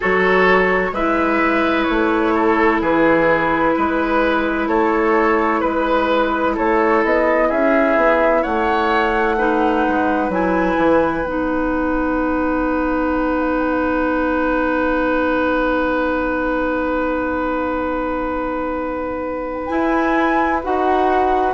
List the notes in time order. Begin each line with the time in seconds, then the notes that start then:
0.00 F#3 F#4 A4 C#5
0.92 G#3 E4 B4 E5
1.83 C#5
1.89 A3
2.34 A4
2.81 E3 G#4 B4
3.75 G#3 B4
4.68 A3 A4 C#5
5.60 G#3 B4
6.54 A3 A4 C#5
7.04 B3 D#5
7.48 C#4 G#4 E5
7.96 B3
8.42 A3 C#5 F#5
9.37 D#4 B4
9.87 G#3
10.29 F#3 E4 G#5
10.77 E3
11.21 B3 D#4 F#5
19.66 E4 G#5
20.63 D#4 F#4 F#5